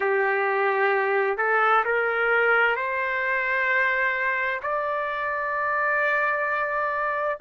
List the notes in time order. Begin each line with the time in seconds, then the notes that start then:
0.00 G4
1.37 A4
1.84 A#4
2.76 C5
4.62 D5